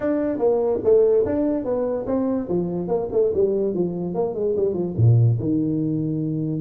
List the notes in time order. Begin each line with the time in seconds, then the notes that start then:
0.00 D4
0.38 A#3
0.84 A3
1.25 D4
1.64 B3
2.06 C4
2.48 F3
2.88 A#3
3.11 A3
3.33 G3
3.74 F3
4.14 A#3
4.34 G#3
4.56 G3
4.73 F3
4.96 A#2
5.39 D#3